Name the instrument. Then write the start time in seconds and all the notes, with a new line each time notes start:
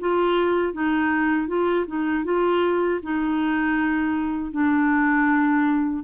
clarinet
0.00 F4
0.74 D#4
1.47 F4
1.87 D#4
2.24 F4
3.03 D#4
4.52 D4